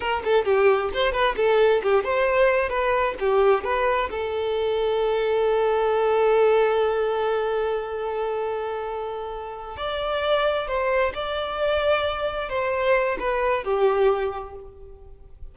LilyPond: \new Staff \with { instrumentName = "violin" } { \time 4/4 \tempo 4 = 132 ais'8 a'8 g'4 c''8 b'8 a'4 | g'8 c''4. b'4 g'4 | b'4 a'2.~ | a'1~ |
a'1~ | a'4. d''2 c''8~ | c''8 d''2. c''8~ | c''4 b'4 g'2 | }